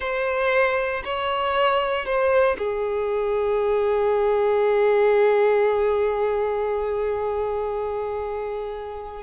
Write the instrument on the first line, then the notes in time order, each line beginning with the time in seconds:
violin
0.00 C5
1.04 C#5
2.05 C5
2.58 G#4